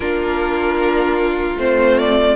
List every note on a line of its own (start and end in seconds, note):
0.00 1.55 A#3
0.00 1.57 D4
0.00 2.35 F4
0.00 1.57 A#4
1.57 2.35 A3
1.57 2.35 C4
1.57 1.98 C5
1.98 2.35 D5